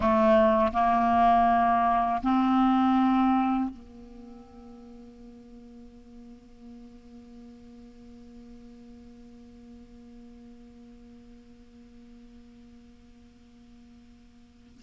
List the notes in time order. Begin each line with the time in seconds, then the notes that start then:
0.00 A3
0.73 A#3
2.22 C4
3.70 A#3